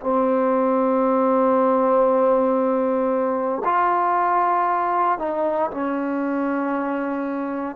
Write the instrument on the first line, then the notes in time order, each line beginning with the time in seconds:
trombone
0.00 C4
3.64 F4
5.18 D#4
5.71 C#4